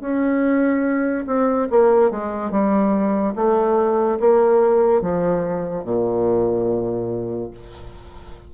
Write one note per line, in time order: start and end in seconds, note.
0.00 1.25 C#4
1.27 1.68 C4
1.70 2.10 A#3
2.10 2.51 G#3
2.51 3.34 G3
3.35 4.19 A3
4.19 5.01 A#3
5.01 5.84 F3
5.84 7.50 A#2